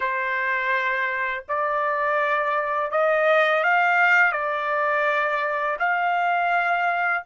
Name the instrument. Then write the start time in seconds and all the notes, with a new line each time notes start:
trumpet
0.00 C5
1.48 D5
2.91 D#5
3.63 F5
4.32 D5
5.79 F5